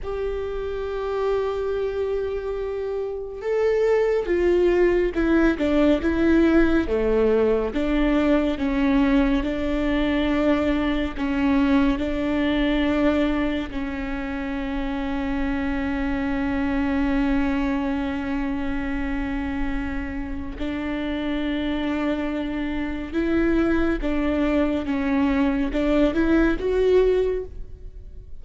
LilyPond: \new Staff \with { instrumentName = "viola" } { \time 4/4 \tempo 4 = 70 g'1 | a'4 f'4 e'8 d'8 e'4 | a4 d'4 cis'4 d'4~ | d'4 cis'4 d'2 |
cis'1~ | cis'1 | d'2. e'4 | d'4 cis'4 d'8 e'8 fis'4 | }